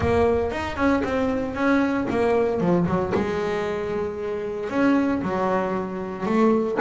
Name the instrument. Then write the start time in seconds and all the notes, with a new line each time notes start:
double bass
0.00 A#3
0.51 D#4
0.76 C#4
1.04 C4
1.54 C#4
2.10 A#3
2.60 F3
2.86 F#3
3.14 G#3
4.69 C#4
5.22 F#3
6.25 A3